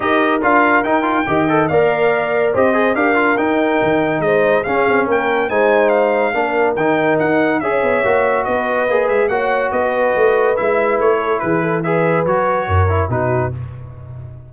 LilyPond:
<<
  \new Staff \with { instrumentName = "trumpet" } { \time 4/4 \tempo 4 = 142 dis''4 f''4 g''2 | f''2 dis''4 f''4 | g''2 dis''4 f''4 | g''4 gis''4 f''2 |
g''4 fis''4 e''2 | dis''4. e''8 fis''4 dis''4~ | dis''4 e''4 cis''4 b'4 | e''4 cis''2 b'4 | }
  \new Staff \with { instrumentName = "horn" } { \time 4/4 ais'2. dis''4 | d''2 c''4 ais'4~ | ais'2 c''4 gis'4 | ais'4 c''2 ais'4~ |
ais'2 cis''2 | b'2 cis''4 b'4~ | b'2~ b'8 a'8 gis'8 a'8 | b'2 ais'4 fis'4 | }
  \new Staff \with { instrumentName = "trombone" } { \time 4/4 g'4 f'4 dis'8 f'8 g'8 a'8 | ais'2 g'8 gis'8 g'8 f'8 | dis'2. cis'4~ | cis'4 dis'2 d'4 |
dis'2 gis'4 fis'4~ | fis'4 gis'4 fis'2~ | fis'4 e'2. | gis'4 fis'4. e'8 dis'4 | }
  \new Staff \with { instrumentName = "tuba" } { \time 4/4 dis'4 d'4 dis'4 dis4 | ais2 c'4 d'4 | dis'4 dis4 gis4 cis'8 c'8 | ais4 gis2 ais4 |
dis4 dis'4 cis'8 b8 ais4 | b4 ais8 gis8 ais4 b4 | a4 gis4 a4 e4~ | e4 fis4 fis,4 b,4 | }
>>